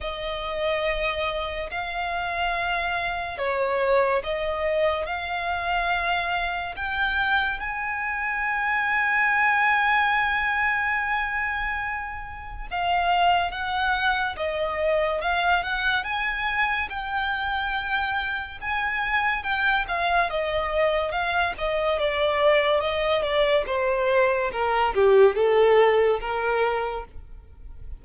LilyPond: \new Staff \with { instrumentName = "violin" } { \time 4/4 \tempo 4 = 71 dis''2 f''2 | cis''4 dis''4 f''2 | g''4 gis''2.~ | gis''2. f''4 |
fis''4 dis''4 f''8 fis''8 gis''4 | g''2 gis''4 g''8 f''8 | dis''4 f''8 dis''8 d''4 dis''8 d''8 | c''4 ais'8 g'8 a'4 ais'4 | }